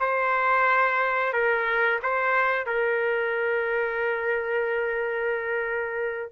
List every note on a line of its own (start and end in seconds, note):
0.00 1.33 C5
1.33 2.00 A#4
2.02 2.66 C5
2.66 6.32 A#4